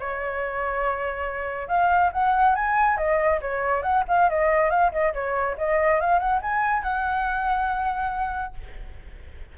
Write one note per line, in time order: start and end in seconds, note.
0.00 1.68 C#5
1.68 2.11 F5
2.13 2.56 F#5
2.56 2.97 G#5
2.97 3.40 D#5
3.42 3.83 C#5
3.83 4.04 F#5
4.09 4.30 F5
4.30 4.70 D#5
4.70 4.92 F5
4.92 5.14 D#5
5.14 5.57 C#5
5.58 6.01 D#5
6.01 6.19 F5
6.19 6.41 F#5
6.42 6.83 G#5
6.83 8.54 F#5